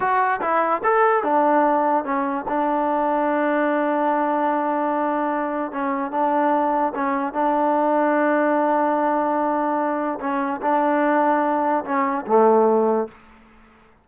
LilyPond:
\new Staff \with { instrumentName = "trombone" } { \time 4/4 \tempo 4 = 147 fis'4 e'4 a'4 d'4~ | d'4 cis'4 d'2~ | d'1~ | d'2 cis'4 d'4~ |
d'4 cis'4 d'2~ | d'1~ | d'4 cis'4 d'2~ | d'4 cis'4 a2 | }